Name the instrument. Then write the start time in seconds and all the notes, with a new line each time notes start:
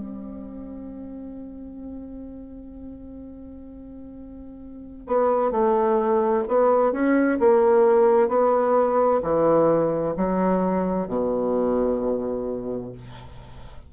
bassoon
0.00 C4
5.07 B3
5.52 A3
6.48 B3
6.93 C#4
7.40 A#3
8.29 B3
9.23 E3
10.17 F#3
11.08 B2